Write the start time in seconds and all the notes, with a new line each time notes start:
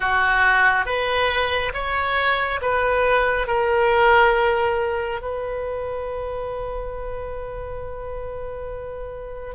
0.00 F#4
0.85 B4
1.73 C#5
2.61 B4
3.47 A#4
5.21 B4